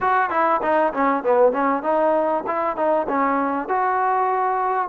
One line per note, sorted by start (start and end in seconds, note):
0.01 0.29 F#4
0.29 0.60 E4
0.62 0.92 D#4
0.93 1.23 C#4
1.23 1.52 B3
1.52 1.82 C#4
1.82 2.44 D#4
2.46 2.76 E4
2.76 3.06 D#4
3.08 3.68 C#4
3.68 4.88 F#4